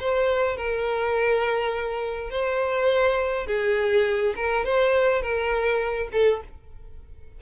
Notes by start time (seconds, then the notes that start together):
0.00 C5
0.57 A#4
2.31 C5
3.47 G#4
4.36 A#4
4.65 C5
5.22 A#4
6.12 A4